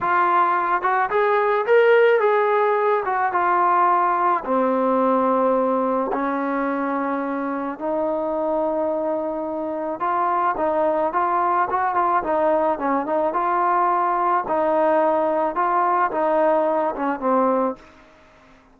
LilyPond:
\new Staff \with { instrumentName = "trombone" } { \time 4/4 \tempo 4 = 108 f'4. fis'8 gis'4 ais'4 | gis'4. fis'8 f'2 | c'2. cis'4~ | cis'2 dis'2~ |
dis'2 f'4 dis'4 | f'4 fis'8 f'8 dis'4 cis'8 dis'8 | f'2 dis'2 | f'4 dis'4. cis'8 c'4 | }